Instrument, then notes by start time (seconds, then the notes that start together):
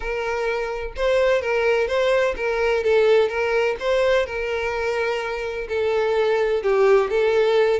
violin
0.00 A#4
0.96 C5
1.41 A#4
1.87 C5
2.36 A#4
2.83 A4
3.28 A#4
3.79 C5
4.25 A#4
5.68 A4
6.62 G4
7.10 A4